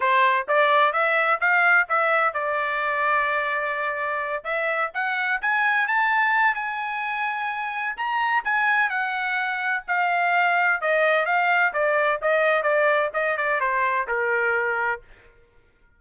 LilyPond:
\new Staff \with { instrumentName = "trumpet" } { \time 4/4 \tempo 4 = 128 c''4 d''4 e''4 f''4 | e''4 d''2.~ | d''4. e''4 fis''4 gis''8~ | gis''8 a''4. gis''2~ |
gis''4 ais''4 gis''4 fis''4~ | fis''4 f''2 dis''4 | f''4 d''4 dis''4 d''4 | dis''8 d''8 c''4 ais'2 | }